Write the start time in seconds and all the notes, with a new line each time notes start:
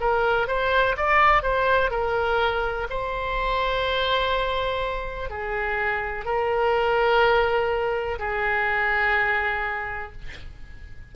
0.00 A#4
0.47 C5
0.97 D5
1.43 C5
1.90 A#4
2.89 C5
5.30 G#4
6.25 A#4
8.19 G#4